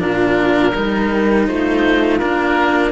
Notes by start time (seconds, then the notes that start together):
0.00 A#2 D4 F4 A#4
0.75 G3 D#4 A#4
1.48 A3 F4 C5
2.19 A#3 D4 A#4